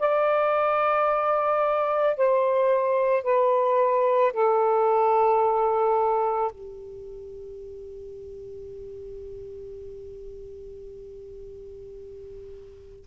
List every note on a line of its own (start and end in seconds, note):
0.00 2.17 D5
2.17 3.24 C5
3.24 4.33 B4
4.33 6.52 A4
6.52 13.06 G4